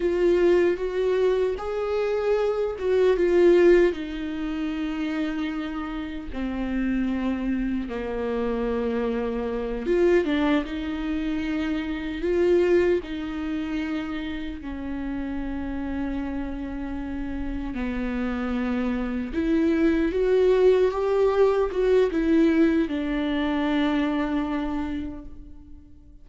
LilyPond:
\new Staff \with { instrumentName = "viola" } { \time 4/4 \tempo 4 = 76 f'4 fis'4 gis'4. fis'8 | f'4 dis'2. | c'2 ais2~ | ais8 f'8 d'8 dis'2 f'8~ |
f'8 dis'2 cis'4.~ | cis'2~ cis'8 b4.~ | b8 e'4 fis'4 g'4 fis'8 | e'4 d'2. | }